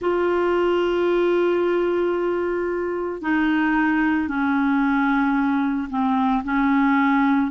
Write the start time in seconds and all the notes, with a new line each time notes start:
0.00 F4
3.21 D#4
4.28 C#4
5.89 C4
6.43 C#4